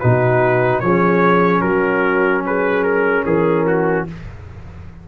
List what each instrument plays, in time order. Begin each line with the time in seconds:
0.00 tuba B2, trombone D#4, horn F#4, trumpet B4
0.81 tuba F3, trombone C#4, horn G#4, trumpet C#5
1.61 tuba F#3, horn F#4, trumpet A#4
2.46 horn G#4, trumpet B4
2.84 trumpet A#4
3.25 tuba E3, trumpet G#4, horn A#4
3.67 trumpet F#4